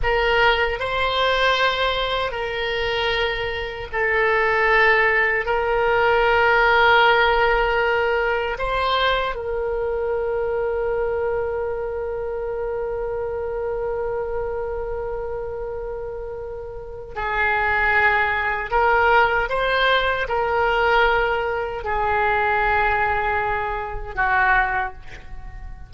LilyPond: \new Staff \with { instrumentName = "oboe" } { \time 4/4 \tempo 4 = 77 ais'4 c''2 ais'4~ | ais'4 a'2 ais'4~ | ais'2. c''4 | ais'1~ |
ais'1~ | ais'2 gis'2 | ais'4 c''4 ais'2 | gis'2. fis'4 | }